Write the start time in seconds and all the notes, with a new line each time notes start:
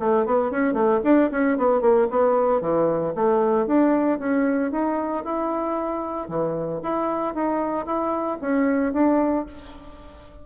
0.00 A3
0.26 B3
0.51 C#4
0.74 A3
1.04 D4
1.31 C#4
1.58 B3
1.81 A#3
2.11 B3
2.61 E3
3.15 A3
3.67 D4
4.20 C#4
4.72 D#4
5.25 E4
6.29 E3
6.83 E4
7.35 D#4
7.86 E4
8.42 C#4
8.94 D4